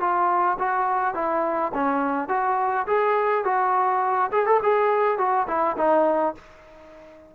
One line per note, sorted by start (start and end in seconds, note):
0.00 0.58 F4
0.59 1.14 F#4
1.14 1.72 E4
1.74 2.29 C#4
2.29 2.86 F#4
2.87 3.45 G#4
3.45 4.31 F#4
4.32 4.46 G#4
4.46 4.60 A4
4.63 5.18 G#4
5.18 5.47 F#4
5.48 5.77 E4
5.77 6.35 D#4